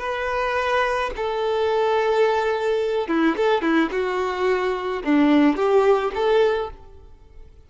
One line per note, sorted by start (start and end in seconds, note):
0.00 1.11 B4
1.17 3.08 A4
3.08 3.36 E4
3.37 3.62 A4
3.62 3.90 E4
3.92 5.03 F#4
5.05 5.57 D4
5.57 6.12 G4
6.15 6.71 A4